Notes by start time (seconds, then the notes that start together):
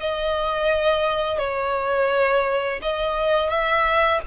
0.00 D#5
1.39 C#5
2.82 D#5
3.50 E5